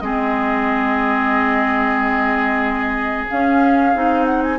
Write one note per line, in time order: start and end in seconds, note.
0.00 3.27 G#3
0.00 3.28 C4
0.00 4.58 G#4
0.00 3.26 D#5
3.28 3.93 C#4
3.28 3.95 C#4
3.28 4.26 F5
3.94 4.58 C4
3.94 4.58 D#4
4.26 4.42 F#5
4.43 4.58 G#5